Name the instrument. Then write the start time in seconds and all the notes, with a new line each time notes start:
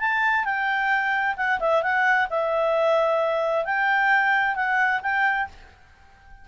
clarinet
0.00 A5
0.45 G5
1.37 F#5
1.60 E5
1.83 F#5
2.30 E5
3.65 G5
4.56 F#5
5.03 G5